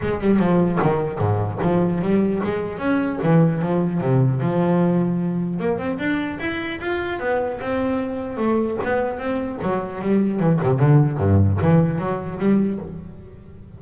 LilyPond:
\new Staff \with { instrumentName = "double bass" } { \time 4/4 \tempo 4 = 150 gis8 g8 f4 dis4 gis,4 | f4 g4 gis4 cis'4 | e4 f4 c4 f4~ | f2 ais8 c'8 d'4 |
e'4 f'4 b4 c'4~ | c'4 a4 b4 c'4 | fis4 g4 e8 c8 d4 | g,4 e4 fis4 g4 | }